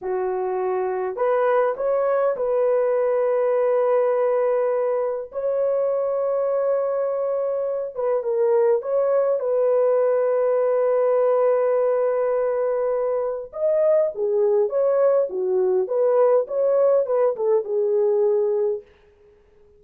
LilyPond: \new Staff \with { instrumentName = "horn" } { \time 4/4 \tempo 4 = 102 fis'2 b'4 cis''4 | b'1~ | b'4 cis''2.~ | cis''4. b'8 ais'4 cis''4 |
b'1~ | b'2. dis''4 | gis'4 cis''4 fis'4 b'4 | cis''4 b'8 a'8 gis'2 | }